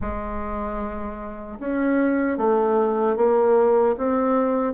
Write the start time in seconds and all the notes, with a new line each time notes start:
0.01 G#3
1.59 C#4
2.37 A3
3.16 A#3
3.97 C4